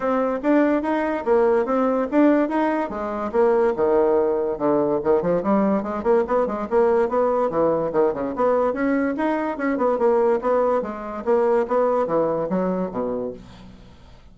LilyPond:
\new Staff \with { instrumentName = "bassoon" } { \time 4/4 \tempo 4 = 144 c'4 d'4 dis'4 ais4 | c'4 d'4 dis'4 gis4 | ais4 dis2 d4 | dis8 f8 g4 gis8 ais8 b8 gis8 |
ais4 b4 e4 dis8 cis8 | b4 cis'4 dis'4 cis'8 b8 | ais4 b4 gis4 ais4 | b4 e4 fis4 b,4 | }